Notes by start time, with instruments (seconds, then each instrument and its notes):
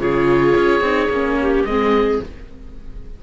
0.00 cello C#3, viola F4, clarinet G#4, oboe C#5
0.56 cello C#4
0.81 cello C4, viola D#4
1.10 cello A#3, viola C#4
1.41 clarinet G4
1.65 cello G#3, viola C4, clarinet G#4, oboe D#5